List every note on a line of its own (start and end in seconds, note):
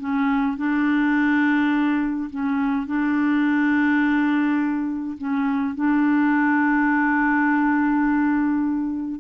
0.00 0.57 C#4
0.57 2.30 D4
2.30 2.87 C#4
2.87 5.18 D4
5.18 5.75 C#4
5.75 9.20 D4